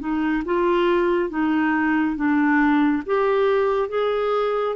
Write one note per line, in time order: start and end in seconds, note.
0.00 0.43 D#4
0.45 1.30 F4
1.30 2.17 D#4
2.17 3.04 D4
3.06 3.89 G4
3.89 4.76 G#4